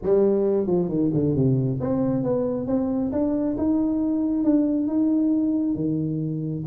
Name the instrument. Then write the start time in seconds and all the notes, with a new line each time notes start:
tuba
0.02 G3
0.66 F3
0.88 D#3
1.13 D3
1.35 C3
1.80 C4
2.23 B3
2.67 C4
3.12 D4
3.57 D#4
4.43 D4
4.87 D#4
5.75 D#3